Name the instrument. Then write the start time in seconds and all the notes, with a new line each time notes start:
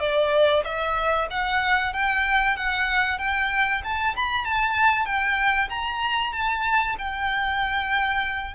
violin
0.00 D5
0.64 E5
1.30 F#5
1.93 G5
2.56 F#5
3.18 G5
3.84 A5
4.16 B5
4.44 A5
5.05 G5
5.70 A#5
6.33 A5
6.98 G5